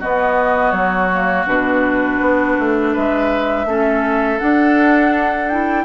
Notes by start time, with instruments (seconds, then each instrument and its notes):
0.00 clarinet B3, bassoon B3, oboe F#4, flute D#5
0.72 bassoon F#3, flute C#5
1.12 clarinet A#3
1.47 bassoon B2, clarinet D4, flute B4
2.21 bassoon B3
2.59 bassoon A3
2.93 bassoon G#3, oboe B4, flute E5
3.66 bassoon A3, clarinet C#4, oboe A4
4.39 clarinet D4, bassoon D4, flute F#5
5.49 clarinet E4, flute G5